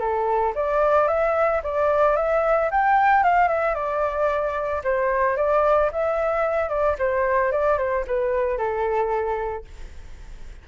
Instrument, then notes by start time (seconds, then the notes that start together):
flute
0.00 A4
0.55 D5
1.08 E5
1.64 D5
2.16 E5
2.71 G5
3.24 F5
3.48 E5
3.75 D5
4.84 C5
5.37 D5
5.92 E5
6.69 D5
6.99 C5
7.52 D5
7.78 C5
8.07 B4
8.58 A4